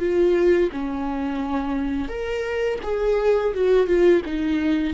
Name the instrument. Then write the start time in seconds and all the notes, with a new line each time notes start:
viola
0.00 F4
0.72 C#4
2.09 A#4
2.83 G#4
3.54 F#4
3.87 F4
4.26 D#4